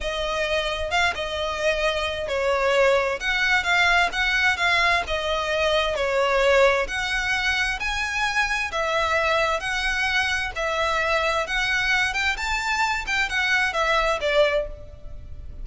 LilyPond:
\new Staff \with { instrumentName = "violin" } { \time 4/4 \tempo 4 = 131 dis''2 f''8 dis''4.~ | dis''4 cis''2 fis''4 | f''4 fis''4 f''4 dis''4~ | dis''4 cis''2 fis''4~ |
fis''4 gis''2 e''4~ | e''4 fis''2 e''4~ | e''4 fis''4. g''8 a''4~ | a''8 g''8 fis''4 e''4 d''4 | }